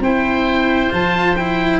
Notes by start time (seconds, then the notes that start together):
0.00 C4 E4 C5 G5
0.91 F3 F4 A5
1.37 E4 G5